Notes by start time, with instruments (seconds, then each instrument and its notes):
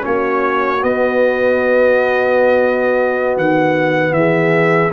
0.00 tuba A#3, trombone C#4, horn F#4, trumpet C#5
0.81 trombone B3, tuba B3, trumpet D#5
3.36 tuba D#3, trumpet F#5
4.12 tuba E3, horn G#4, trumpet E5